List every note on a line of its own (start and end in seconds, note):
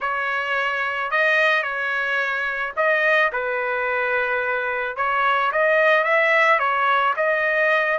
0.00 1.10 C#5
1.10 1.62 D#5
1.62 2.72 C#5
2.76 3.31 D#5
3.32 4.96 B4
4.96 5.51 C#5
5.52 6.04 D#5
6.04 6.59 E5
6.59 7.14 C#5
7.16 7.98 D#5